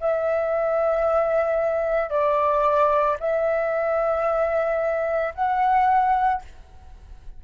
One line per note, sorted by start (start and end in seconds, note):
0.00 2.10 E5
2.10 3.17 D5
3.19 5.34 E5
5.35 6.42 F#5